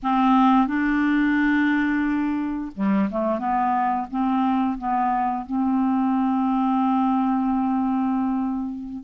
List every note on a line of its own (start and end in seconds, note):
0.02 0.67 C4
0.67 2.71 D4
2.75 3.09 G3
3.10 3.38 A3
3.38 4.06 B3
4.10 4.78 C4
4.78 5.45 B3
5.45 9.03 C4